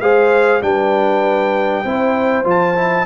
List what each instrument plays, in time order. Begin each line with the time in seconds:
0.00 tuba G#3, trombone G#4, horn C5, trumpet F5
0.62 tuba G3, trombone D4, horn B4, trumpet G5
1.84 tuba C4, trombone E4, horn C5
2.44 tuba F3, trombone F4, trumpet A5
2.75 trombone E4